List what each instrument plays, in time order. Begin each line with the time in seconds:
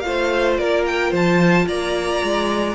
0.00 cello A3, viola F4, violin F5
0.06 violin C5
0.58 cello A#3, violin A#4 D5
0.86 violin G5
1.11 cello F3, violin C5 A5
1.67 cello A#3, violin D5 A#5
2.23 cello G#3